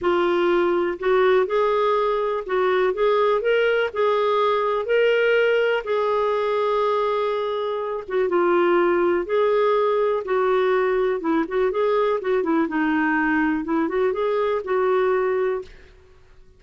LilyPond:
\new Staff \with { instrumentName = "clarinet" } { \time 4/4 \tempo 4 = 123 f'2 fis'4 gis'4~ | gis'4 fis'4 gis'4 ais'4 | gis'2 ais'2 | gis'1~ |
gis'8 fis'8 f'2 gis'4~ | gis'4 fis'2 e'8 fis'8 | gis'4 fis'8 e'8 dis'2 | e'8 fis'8 gis'4 fis'2 | }